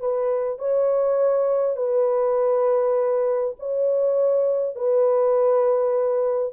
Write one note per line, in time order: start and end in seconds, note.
0.00 0.59 B4
0.59 1.77 C#5
1.77 3.55 B4
3.59 4.76 C#5
4.76 6.54 B4